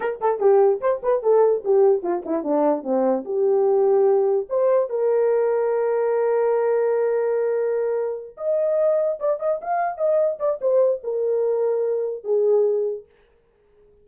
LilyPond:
\new Staff \with { instrumentName = "horn" } { \time 4/4 \tempo 4 = 147 ais'8 a'8 g'4 c''8 b'8 a'4 | g'4 f'8 e'8 d'4 c'4 | g'2. c''4 | ais'1~ |
ais'1~ | ais'8 dis''2 d''8 dis''8 f''8~ | f''8 dis''4 d''8 c''4 ais'4~ | ais'2 gis'2 | }